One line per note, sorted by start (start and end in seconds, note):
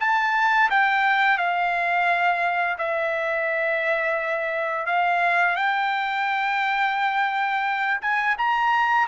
0.00 0.70 A5
0.70 1.37 G5
1.37 2.77 F5
2.78 4.86 E5
4.86 5.56 F5
5.56 8.00 G5
8.01 8.36 G#5
8.38 9.07 A#5